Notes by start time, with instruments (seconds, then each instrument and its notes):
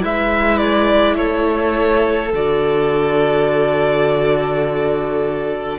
0.00 cello G#3, viola E4, violin B4 E5
0.58 violin D5
1.16 cello A3, violin A4 C#5
2.33 cello D3, viola F#4, violin D5